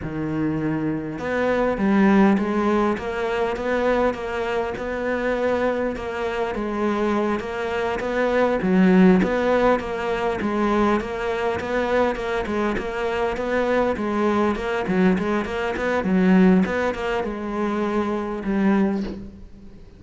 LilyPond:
\new Staff \with { instrumentName = "cello" } { \time 4/4 \tempo 4 = 101 dis2 b4 g4 | gis4 ais4 b4 ais4 | b2 ais4 gis4~ | gis8 ais4 b4 fis4 b8~ |
b8 ais4 gis4 ais4 b8~ | b8 ais8 gis8 ais4 b4 gis8~ | gis8 ais8 fis8 gis8 ais8 b8 fis4 | b8 ais8 gis2 g4 | }